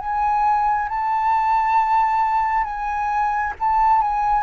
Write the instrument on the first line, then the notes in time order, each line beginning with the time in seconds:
flute
0.00 G#5
0.89 A5
2.65 G#5
3.60 A5
4.02 G#5